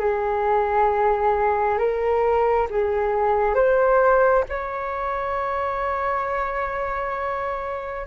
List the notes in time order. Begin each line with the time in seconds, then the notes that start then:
0.00 G#4
1.79 A#4
2.71 G#4
3.55 C5
4.49 C#5